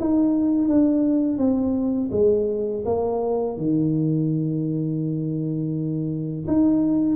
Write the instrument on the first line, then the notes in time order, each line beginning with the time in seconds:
tuba
0.00 D#4
0.69 D4
1.38 C4
2.12 G#3
2.85 A#3
3.57 D#3
6.47 D#4